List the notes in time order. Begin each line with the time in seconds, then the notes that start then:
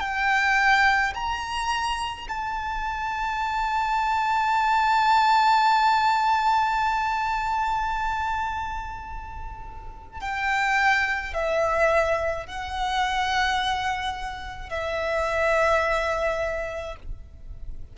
0.00 G5
1.14 A#5
2.28 A5
10.20 G5
11.34 E5
12.46 F#5
14.70 E5